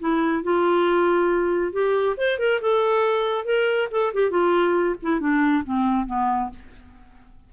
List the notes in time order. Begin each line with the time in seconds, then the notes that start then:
0.00 E4
0.43 F4
1.73 G4
2.18 C5
2.39 A#4
2.62 A4
3.45 A#4
3.92 A4
4.14 G4
4.31 F4
5.03 E4
5.21 D4
5.65 C4
6.07 B3